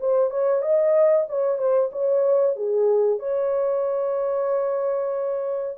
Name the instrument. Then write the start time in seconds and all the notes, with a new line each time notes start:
horn
0.00 C5
0.30 C#5
0.62 D#5
1.29 C#5
1.58 C5
1.92 C#5
2.56 G#4
3.19 C#5